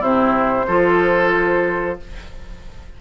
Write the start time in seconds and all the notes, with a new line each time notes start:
0.00 C3 C4 E4 C5
0.67 F3 F4 A4